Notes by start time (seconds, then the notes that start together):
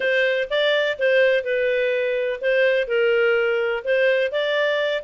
0.00 C5
0.50 D5
0.98 C5
1.44 B4
2.41 C5
2.87 A#4
3.84 C5
4.31 D5